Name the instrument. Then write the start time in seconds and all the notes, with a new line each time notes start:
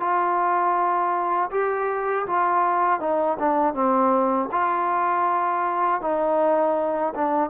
trombone
0.00 F4
1.51 G4
2.27 F4
3.00 D#4
3.39 D4
3.74 C4
4.52 F4
6.01 D#4
7.15 D4